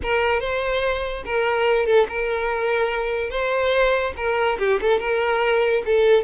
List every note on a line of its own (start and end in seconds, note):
0.02 0.40 A#4
0.40 1.23 C5
1.25 1.86 A#4
1.86 2.06 A4
2.08 3.30 A#4
3.30 4.13 C5
4.16 4.58 A#4
4.59 4.79 G4
4.81 4.99 A4
4.99 5.82 A#4
5.85 6.23 A4